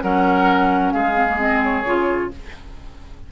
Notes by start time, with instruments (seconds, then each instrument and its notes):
0.00 bassoon F#3, clarinet C#4, oboe A#4, flute F#5
0.91 bassoon G#3, oboe G#4, flute F5
1.14 clarinet C4
1.28 clarinet A#3
1.38 clarinet C4, flute D#5
1.63 flute C#5
1.84 bassoon C#3, clarinet F4